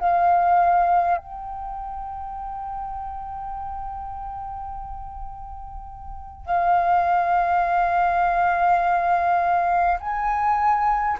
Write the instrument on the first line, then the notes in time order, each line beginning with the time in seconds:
flute
0.00 F5
1.18 G5
6.46 F5
10.01 G#5